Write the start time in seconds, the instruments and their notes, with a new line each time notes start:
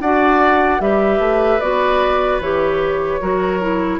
0.00 bassoon D4, clarinet F#4, oboe D5, flute F#5
0.80 bassoon G3, clarinet G4, oboe B4, flute E5
1.19 bassoon A3
1.60 bassoon B3, clarinet F#4, flute D5
2.40 bassoon E3, clarinet G4, flute C#5
3.21 bassoon F#3, clarinet F#4, oboe A#4
3.61 clarinet E4